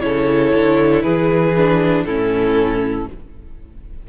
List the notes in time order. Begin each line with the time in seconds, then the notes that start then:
0.00 C#3 E4 A4 C#5
0.55 D3
1.02 E3 G#4 B4
1.57 D4
2.05 A2 C#4 E4 A4